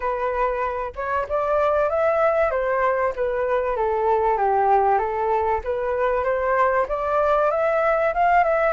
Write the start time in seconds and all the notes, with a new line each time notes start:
0.00 B4
0.95 C#5
1.28 D5
1.89 E5
2.50 C5
3.15 B4
3.76 A4
4.37 G4
4.98 A4
5.64 B4
6.23 C5
6.88 D5
7.51 E5
8.14 F5
8.44 E5